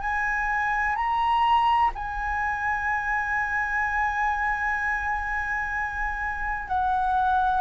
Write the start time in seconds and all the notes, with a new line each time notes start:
0.00 G#5
0.95 A#5
1.94 G#5
6.68 F#5